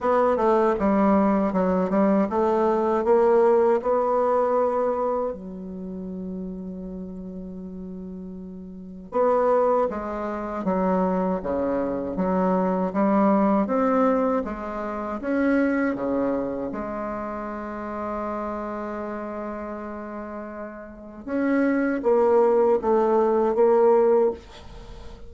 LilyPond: \new Staff \with { instrumentName = "bassoon" } { \time 4/4 \tempo 4 = 79 b8 a8 g4 fis8 g8 a4 | ais4 b2 fis4~ | fis1 | b4 gis4 fis4 cis4 |
fis4 g4 c'4 gis4 | cis'4 cis4 gis2~ | gis1 | cis'4 ais4 a4 ais4 | }